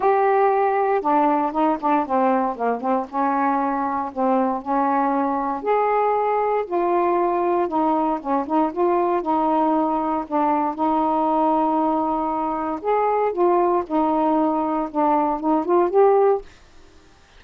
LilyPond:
\new Staff \with { instrumentName = "saxophone" } { \time 4/4 \tempo 4 = 117 g'2 d'4 dis'8 d'8 | c'4 ais8 c'8 cis'2 | c'4 cis'2 gis'4~ | gis'4 f'2 dis'4 |
cis'8 dis'8 f'4 dis'2 | d'4 dis'2.~ | dis'4 gis'4 f'4 dis'4~ | dis'4 d'4 dis'8 f'8 g'4 | }